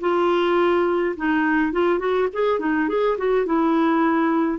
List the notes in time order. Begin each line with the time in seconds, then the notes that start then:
0.00 F4
1.16 D#4
1.72 F4
1.99 F#4
2.33 G#4
2.59 D#4
2.88 G#4
3.18 F#4
3.45 E4